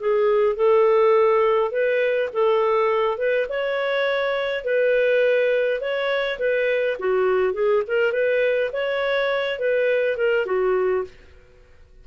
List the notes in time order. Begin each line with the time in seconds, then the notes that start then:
0.00 G#4
0.56 A4
1.72 B4
2.33 A4
3.18 B4
3.49 C#5
4.65 B4
5.81 C#5
6.39 B4
6.99 F#4
7.54 G#4
7.88 A#4
8.13 B4
8.73 C#5
9.59 B4
10.17 A#4
10.46 F#4